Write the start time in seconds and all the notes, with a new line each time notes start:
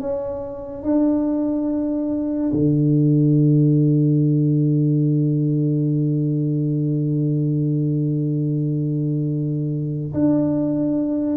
0.00 C#4
0.83 D4
2.52 D3
10.13 D4